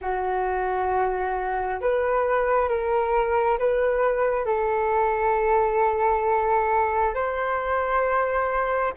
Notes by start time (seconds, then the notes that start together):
0.01 F#4
1.80 B4
2.68 A#4
3.58 B4
4.45 A4
7.14 C5